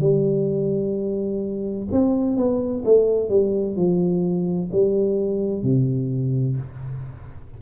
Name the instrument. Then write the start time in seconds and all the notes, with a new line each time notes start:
tuba
0.00 G3
1.92 C4
2.37 B3
2.85 A3
3.29 G3
3.76 F3
4.72 G3
5.62 C3